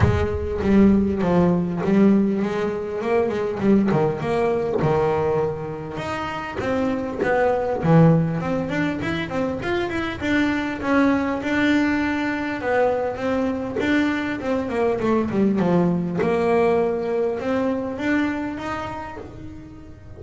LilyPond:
\new Staff \with { instrumentName = "double bass" } { \time 4/4 \tempo 4 = 100 gis4 g4 f4 g4 | gis4 ais8 gis8 g8 dis8 ais4 | dis2 dis'4 c'4 | b4 e4 c'8 d'8 e'8 c'8 |
f'8 e'8 d'4 cis'4 d'4~ | d'4 b4 c'4 d'4 | c'8 ais8 a8 g8 f4 ais4~ | ais4 c'4 d'4 dis'4 | }